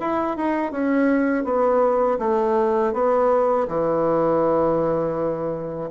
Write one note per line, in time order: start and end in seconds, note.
0.00 0.37 E4
0.37 0.72 D#4
0.72 1.44 C#4
1.44 2.18 B3
2.19 2.93 A3
2.93 3.67 B3
3.68 5.90 E3